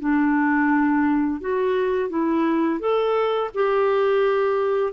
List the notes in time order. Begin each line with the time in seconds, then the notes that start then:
0.00 D4
1.41 F#4
2.10 E4
2.79 A4
3.54 G4